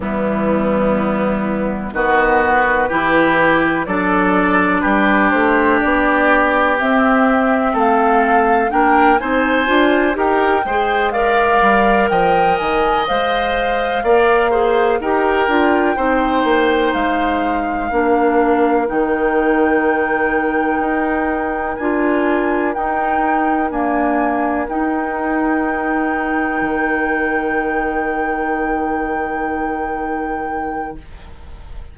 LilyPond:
<<
  \new Staff \with { instrumentName = "flute" } { \time 4/4 \tempo 4 = 62 e'2 b'2 | d''4 b'8 c''8 d''4 e''4 | f''4 g''8 gis''4 g''4 f''8~ | f''8 g''8 gis''8 f''2 g''8~ |
g''4. f''2 g''8~ | g''2~ g''8 gis''4 g''8~ | g''8 gis''4 g''2~ g''8~ | g''1 | }
  \new Staff \with { instrumentName = "oboe" } { \time 4/4 b2 fis'4 g'4 | a'4 g'2. | a'4 ais'8 c''4 ais'8 c''8 d''8~ | d''8 dis''2 d''8 c''8 ais'8~ |
ais'8 c''2 ais'4.~ | ais'1~ | ais'1~ | ais'1 | }
  \new Staff \with { instrumentName = "clarinet" } { \time 4/4 g2 b4 e'4 | d'2. c'4~ | c'4 d'8 dis'8 f'8 g'8 gis'8 ais'8~ | ais'4. c''4 ais'8 gis'8 g'8 |
f'8 dis'2 d'4 dis'8~ | dis'2~ dis'8 f'4 dis'8~ | dis'8 ais4 dis'2~ dis'8~ | dis'1 | }
  \new Staff \with { instrumentName = "bassoon" } { \time 4/4 e2 dis4 e4 | fis4 g8 a8 b4 c'4 | a4 ais8 c'8 d'8 dis'8 gis4 | g8 f8 dis8 gis4 ais4 dis'8 |
d'8 c'8 ais8 gis4 ais4 dis8~ | dis4. dis'4 d'4 dis'8~ | dis'8 d'4 dis'2 dis8~ | dis1 | }
>>